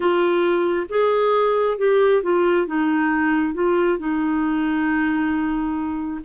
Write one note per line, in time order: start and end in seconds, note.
0.00 0.87 F4
0.89 1.78 G#4
1.78 2.22 G4
2.22 2.66 F4
2.66 3.54 D#4
3.54 3.98 F4
3.98 6.20 D#4